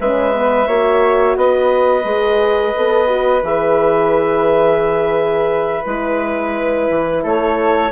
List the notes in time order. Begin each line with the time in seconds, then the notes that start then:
0.00 G#3 C#4 B4 E5
0.33 B3
0.67 A#3 F#4 C#5
1.36 B3 B4 D#5
2.04 G#3 G#4
2.76 B3 A4
3.07 F#4
3.43 E3 G#4 E5
5.84 G#3 E4 B4
6.89 E3
7.23 A3 A4 C#5